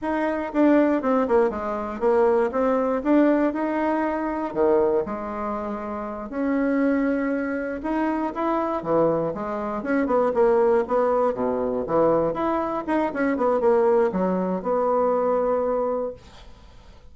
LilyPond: \new Staff \with { instrumentName = "bassoon" } { \time 4/4 \tempo 4 = 119 dis'4 d'4 c'8 ais8 gis4 | ais4 c'4 d'4 dis'4~ | dis'4 dis4 gis2~ | gis8 cis'2. dis'8~ |
dis'8 e'4 e4 gis4 cis'8 | b8 ais4 b4 b,4 e8~ | e8 e'4 dis'8 cis'8 b8 ais4 | fis4 b2. | }